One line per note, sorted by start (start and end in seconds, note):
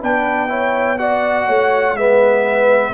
0.00 1.49 B3
0.00 0.48 D4
0.00 0.49 B4
0.00 0.99 G5
0.48 0.98 E4
0.48 0.99 C#5
0.98 1.97 F#4
0.98 1.47 D5
0.98 1.97 F#5
1.47 1.93 A3
1.47 1.96 C#5
1.93 2.92 G#3
1.93 2.94 B3
1.93 2.94 B4
1.93 2.94 E5